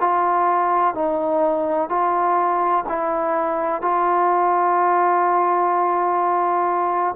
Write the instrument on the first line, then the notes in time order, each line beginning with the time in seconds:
trombone
0.00 F4
0.94 D#4
1.90 F4
2.89 E4
3.82 F4